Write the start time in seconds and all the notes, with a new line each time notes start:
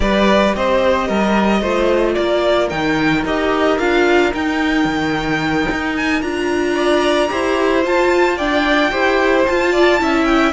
0.00 G3 G4 B4 D5
0.55 C4 C5 D#5
1.08 G3 A#4
1.61 A3 F4 C5
2.14 A#3 A#4 D5
2.69 D#3 D#4 G5
3.24 D#4 G4 D#5
3.78 D4 F4 F5
4.32 D#4 G5
4.84 D#3
5.71 D#4
5.96 G#5
6.21 D4 F4 A#5
6.74 D5
7.28 E4 G4 C5
7.83 F4 A5
8.36 D4 D5 G5
8.91 E4 G4 C5
9.45 F4 A5
9.72 D5
9.98 C#4 E4 E5
10.24 G5